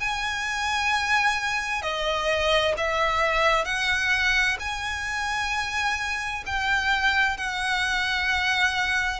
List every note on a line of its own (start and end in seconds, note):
0.00 1.82 G#5
1.82 2.74 D#5
2.77 3.65 E5
3.65 4.57 F#5
4.59 6.44 G#5
6.46 7.37 G5
7.37 9.20 F#5